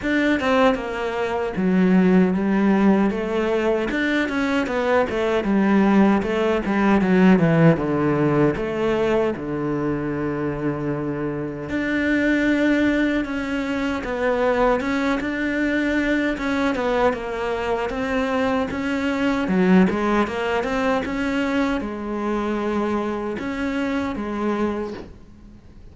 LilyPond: \new Staff \with { instrumentName = "cello" } { \time 4/4 \tempo 4 = 77 d'8 c'8 ais4 fis4 g4 | a4 d'8 cis'8 b8 a8 g4 | a8 g8 fis8 e8 d4 a4 | d2. d'4~ |
d'4 cis'4 b4 cis'8 d'8~ | d'4 cis'8 b8 ais4 c'4 | cis'4 fis8 gis8 ais8 c'8 cis'4 | gis2 cis'4 gis4 | }